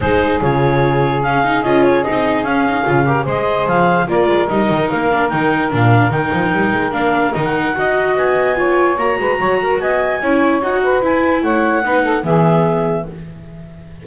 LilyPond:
<<
  \new Staff \with { instrumentName = "clarinet" } { \time 4/4 \tempo 4 = 147 c''4 cis''2 f''4 | dis''8 cis''8 dis''4 f''2 | dis''4 f''4 d''4 dis''4 | f''4 g''4 f''4 g''4~ |
g''4 f''4 dis''16 fis''4.~ fis''16 | gis''2 ais''2 | gis''2 fis''4 gis''4 | fis''2 e''2 | }
  \new Staff \with { instrumentName = "saxophone" } { \time 4/4 gis'1~ | gis'2.~ gis'8 ais'8 | c''2 ais'2~ | ais'1~ |
ais'2. dis''4~ | dis''4 cis''4. b'8 cis''8 ais'8 | dis''4 cis''4. b'4. | cis''4 b'8 a'8 gis'2 | }
  \new Staff \with { instrumentName = "viola" } { \time 4/4 dis'4 f'2 cis'8 dis'8 | f'4 dis'4 cis'8 dis'8 f'8 g'8 | gis'2 f'4 dis'4~ | dis'8 d'8 dis'4 d'4 dis'4~ |
dis'4 d'4 dis'4 fis'4~ | fis'4 f'4 fis'2~ | fis'4 e'4 fis'4 e'4~ | e'4 dis'4 b2 | }
  \new Staff \with { instrumentName = "double bass" } { \time 4/4 gis4 cis2. | cis'4 c'4 cis'4 cis4 | gis4 f4 ais8 gis8 g8 dis8 | ais4 dis4 ais,4 dis8 f8 |
g8 gis8 ais4 dis4 dis'4 | b2 ais8 gis8 fis4 | b4 cis'4 dis'4 e'4 | a4 b4 e2 | }
>>